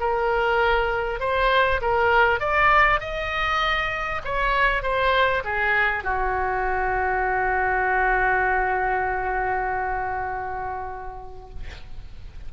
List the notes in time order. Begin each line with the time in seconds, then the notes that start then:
0.00 A#4
1.20 C5
1.82 A#4
2.40 D5
3.01 D#5
4.25 C#5
4.83 C5
5.45 G#4
6.04 F#4